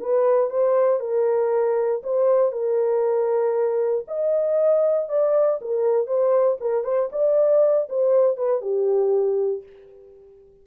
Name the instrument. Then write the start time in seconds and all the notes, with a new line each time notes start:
horn
0.00 B4
0.50 C5
1.00 A#4
2.03 C5
2.52 A#4
4.08 D#5
5.09 D5
5.61 A#4
6.07 C5
6.60 A#4
6.84 C5
7.12 D5
7.89 C5
8.37 B4
8.61 G4